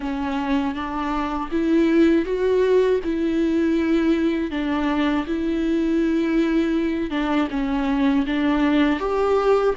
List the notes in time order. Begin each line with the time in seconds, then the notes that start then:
0.00 C#4
0.74 D4
1.51 E4
2.25 F#4
3.04 E4
4.50 D4
5.27 E4
7.10 D4
7.50 C#4
8.26 D4
8.99 G4